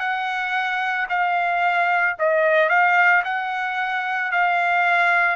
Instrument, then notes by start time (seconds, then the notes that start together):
trumpet
0.00 F#5
1.10 F5
2.20 D#5
2.70 F5
3.25 F#5
4.32 F5